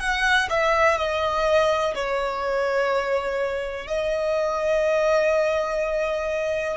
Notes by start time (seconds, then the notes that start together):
0.00 F#5
0.50 E5
0.98 D#5
1.95 C#5
3.88 D#5